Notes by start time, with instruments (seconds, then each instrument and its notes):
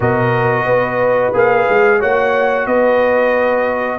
0.00 tuba B2, trombone F#4, horn A#4, trumpet D#5
0.65 tuba B3, horn B4
1.33 tuba A#3, trombone G#4, trumpet F5
1.69 tuba G#3
1.99 tuba A#3, trombone F#4, horn C#5, trumpet F#5
2.66 tuba B3, horn B4, trumpet D#5